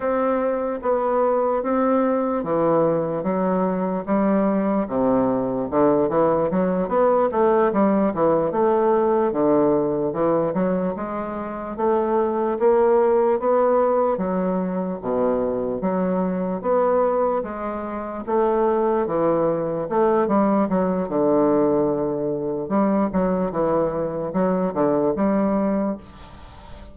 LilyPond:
\new Staff \with { instrumentName = "bassoon" } { \time 4/4 \tempo 4 = 74 c'4 b4 c'4 e4 | fis4 g4 c4 d8 e8 | fis8 b8 a8 g8 e8 a4 d8~ | d8 e8 fis8 gis4 a4 ais8~ |
ais8 b4 fis4 b,4 fis8~ | fis8 b4 gis4 a4 e8~ | e8 a8 g8 fis8 d2 | g8 fis8 e4 fis8 d8 g4 | }